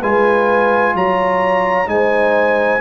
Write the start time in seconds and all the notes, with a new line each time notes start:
0.00 G#3 F4 B4 G#5
0.95 F#3 C#5 A#5
1.86 G#3 D#4 C5 G#5